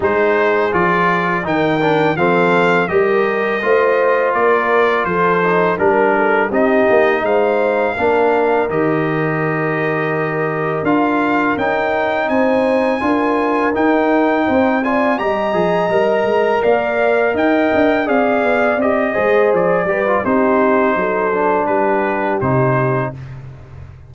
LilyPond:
<<
  \new Staff \with { instrumentName = "trumpet" } { \time 4/4 \tempo 4 = 83 c''4 d''4 g''4 f''4 | dis''2 d''4 c''4 | ais'4 dis''4 f''2 | dis''2. f''4 |
g''4 gis''2 g''4~ | g''8 gis''8 ais''2 f''4 | g''4 f''4 dis''4 d''4 | c''2 b'4 c''4 | }
  \new Staff \with { instrumentName = "horn" } { \time 4/4 gis'2 ais'4 a'4 | ais'4 c''4 ais'4 a'4 | ais'8 a'8 g'4 c''4 ais'4~ | ais'1~ |
ais'4 c''4 ais'2 | c''8 d''8 dis''2 d''4 | dis''4 d''4. c''4 b'8 | g'4 a'4 g'2 | }
  \new Staff \with { instrumentName = "trombone" } { \time 4/4 dis'4 f'4 dis'8 d'8 c'4 | g'4 f'2~ f'8 dis'8 | d'4 dis'2 d'4 | g'2. f'4 |
dis'2 f'4 dis'4~ | dis'8 f'8 g'8 gis'8 ais'2~ | ais'4 gis'4 g'8 gis'4 g'16 f'16 | dis'4. d'4. dis'4 | }
  \new Staff \with { instrumentName = "tuba" } { \time 4/4 gis4 f4 dis4 f4 | g4 a4 ais4 f4 | g4 c'8 ais8 gis4 ais4 | dis2. d'4 |
cis'4 c'4 d'4 dis'4 | c'4 g8 f8 g8 gis8 ais4 | dis'8 d'8 c'8 b8 c'8 gis8 f8 g8 | c'4 fis4 g4 c4 | }
>>